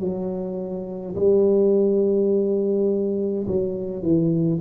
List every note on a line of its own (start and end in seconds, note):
0.00 1.15 F#3
1.15 3.46 G3
3.48 4.02 F#3
4.02 4.60 E3